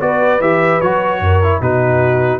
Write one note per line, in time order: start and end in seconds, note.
0.00 0.40 B3
0.00 0.40 F#4
0.00 1.22 B4
0.00 0.41 D5
0.40 0.80 E3
0.40 0.81 G4
0.40 0.81 E5
0.81 1.20 F#3
0.81 1.43 F#4
0.81 1.61 C#5
1.20 1.60 F#2
1.20 1.60 A#4
1.43 1.62 E4
1.60 2.40 B2
1.60 2.40 D#4
1.60 2.40 F#4
1.60 2.40 B4